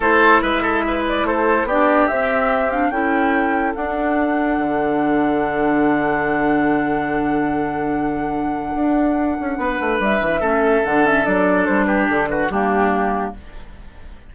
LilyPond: <<
  \new Staff \with { instrumentName = "flute" } { \time 4/4 \tempo 4 = 144 c''4 e''4. d''8 c''4 | d''4 e''4. f''8 g''4~ | g''4 fis''2.~ | fis''1~ |
fis''1~ | fis''1 | e''2 fis''8 e''8 d''4 | c''8 b'8 a'8 b'8 g'2 | }
  \new Staff \with { instrumentName = "oboe" } { \time 4/4 a'4 b'8 a'8 b'4 a'4 | g'2. a'4~ | a'1~ | a'1~ |
a'1~ | a'2. b'4~ | b'4 a'2.~ | a'8 g'4 fis'8 d'2 | }
  \new Staff \with { instrumentName = "clarinet" } { \time 4/4 e'1 | d'4 c'4. d'8 e'4~ | e'4 d'2.~ | d'1~ |
d'1~ | d'1~ | d'4 cis'4 d'8 cis'8 d'4~ | d'2 ais2 | }
  \new Staff \with { instrumentName = "bassoon" } { \time 4/4 a4 gis2 a4 | b4 c'2 cis'4~ | cis'4 d'2 d4~ | d1~ |
d1~ | d4 d'4. cis'8 b8 a8 | g8 e8 a4 d4 fis4 | g4 d4 g2 | }
>>